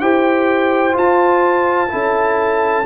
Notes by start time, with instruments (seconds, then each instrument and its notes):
0.00 tuba E4, trombone G4, horn C5, trumpet G5
0.92 trombone F4, tuba F4, trumpet A5
1.88 tuba C#4, trombone E4, horn A4